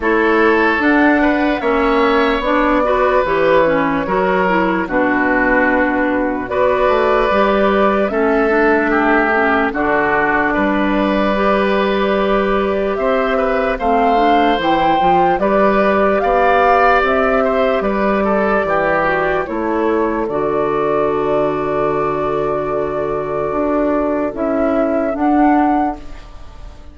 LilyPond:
<<
  \new Staff \with { instrumentName = "flute" } { \time 4/4 \tempo 4 = 74 cis''4 fis''4 e''4 d''4 | cis''2 b'2 | d''2 e''2 | d''1 |
e''4 f''4 g''4 d''4 | f''4 e''4 d''2 | cis''4 d''2.~ | d''2 e''4 fis''4 | }
  \new Staff \with { instrumentName = "oboe" } { \time 4/4 a'4. b'8 cis''4. b'8~ | b'4 ais'4 fis'2 | b'2 a'4 g'4 | fis'4 b'2. |
c''8 b'8 c''2 b'4 | d''4. c''8 b'8 a'8 g'4 | a'1~ | a'1 | }
  \new Staff \with { instrumentName = "clarinet" } { \time 4/4 e'4 d'4 cis'4 d'8 fis'8 | g'8 cis'8 fis'8 e'8 d'2 | fis'4 g'4 cis'8 d'4 cis'8 | d'2 g'2~ |
g'4 c'8 d'8 e'8 f'8 g'4~ | g'2.~ g'8 fis'8 | e'4 fis'2.~ | fis'2 e'4 d'4 | }
  \new Staff \with { instrumentName = "bassoon" } { \time 4/4 a4 d'4 ais4 b4 | e4 fis4 b,2 | b8 a8 g4 a2 | d4 g2. |
c'4 a4 e8 f8 g4 | b4 c'4 g4 e4 | a4 d2.~ | d4 d'4 cis'4 d'4 | }
>>